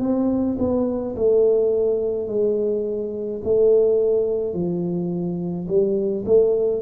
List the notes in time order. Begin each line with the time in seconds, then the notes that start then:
0.00 C4
0.59 B3
1.16 A3
2.28 G#3
3.44 A3
4.54 F3
5.68 G3
6.25 A3